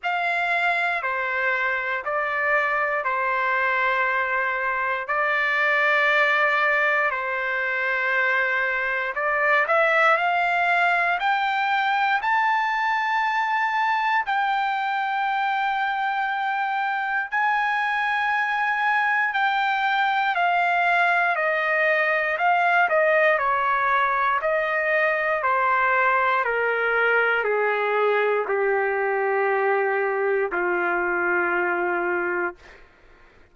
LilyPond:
\new Staff \with { instrumentName = "trumpet" } { \time 4/4 \tempo 4 = 59 f''4 c''4 d''4 c''4~ | c''4 d''2 c''4~ | c''4 d''8 e''8 f''4 g''4 | a''2 g''2~ |
g''4 gis''2 g''4 | f''4 dis''4 f''8 dis''8 cis''4 | dis''4 c''4 ais'4 gis'4 | g'2 f'2 | }